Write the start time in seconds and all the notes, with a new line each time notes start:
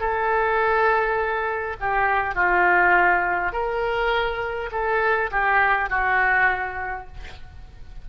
0.00 A4
1.80 G4
2.35 F4
3.52 A#4
4.72 A4
5.31 G4
5.89 F#4